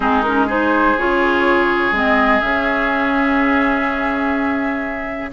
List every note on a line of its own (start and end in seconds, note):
0.00 0.95 G#3
0.00 0.24 C4
0.00 0.46 D#4
0.00 0.22 G#4
0.22 0.48 C#4
0.22 0.46 A#4
0.46 0.97 D#4
0.46 5.30 G#4
0.46 0.98 C5
0.97 1.91 C#3
0.97 1.93 F4
0.97 1.95 C#5
1.91 2.40 G#3
1.91 2.41 C4
1.91 2.40 D#5
2.40 5.32 C#3
2.40 5.32 C#4
2.40 5.30 E5